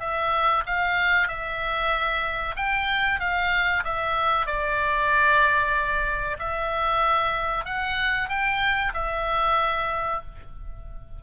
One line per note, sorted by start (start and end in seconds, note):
0.00 0.64 E5
0.66 1.28 F5
1.28 2.56 E5
2.56 3.20 G5
3.20 3.84 F5
3.84 4.46 E5
4.46 6.38 D5
6.39 7.65 E5
7.65 8.29 F#5
8.29 8.93 G5
8.94 10.22 E5